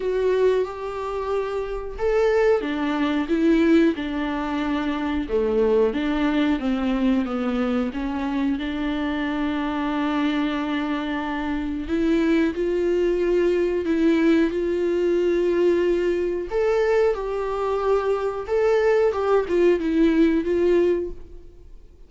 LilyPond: \new Staff \with { instrumentName = "viola" } { \time 4/4 \tempo 4 = 91 fis'4 g'2 a'4 | d'4 e'4 d'2 | a4 d'4 c'4 b4 | cis'4 d'2.~ |
d'2 e'4 f'4~ | f'4 e'4 f'2~ | f'4 a'4 g'2 | a'4 g'8 f'8 e'4 f'4 | }